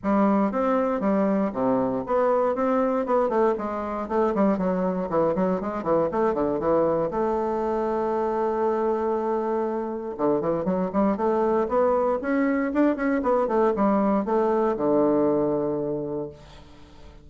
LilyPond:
\new Staff \with { instrumentName = "bassoon" } { \time 4/4 \tempo 4 = 118 g4 c'4 g4 c4 | b4 c'4 b8 a8 gis4 | a8 g8 fis4 e8 fis8 gis8 e8 | a8 d8 e4 a2~ |
a1 | d8 e8 fis8 g8 a4 b4 | cis'4 d'8 cis'8 b8 a8 g4 | a4 d2. | }